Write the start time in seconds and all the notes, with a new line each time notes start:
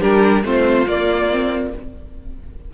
0.00 G3 D4 G4 A#4
0.44 A3 C4 F4 C5
0.87 A#3 D5
1.31 C4